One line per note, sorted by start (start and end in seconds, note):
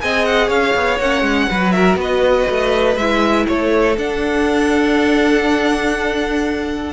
0.00 0.50 C4
0.00 0.99 G#4
0.00 0.47 D#5
0.00 0.25 G#5
0.25 0.49 F#5
0.47 0.74 C#4
0.47 1.46 C#5
0.47 0.99 F5
0.75 0.99 B3
0.99 1.21 A#3
0.99 1.50 C#4
0.99 1.71 F#5
1.21 1.46 G#3
1.50 1.95 F#3
1.50 2.99 F#4
1.50 1.74 B4
1.71 1.98 A#4
1.71 1.96 E5
1.95 2.44 B3
1.95 3.47 B4
2.01 2.96 D#5
2.49 2.96 A3
2.96 3.46 G#3
2.96 3.97 E4
2.96 3.45 E5
3.47 3.97 A3
3.47 6.92 A4
3.47 3.97 C#5
3.97 6.92 D4
3.97 6.92 F#5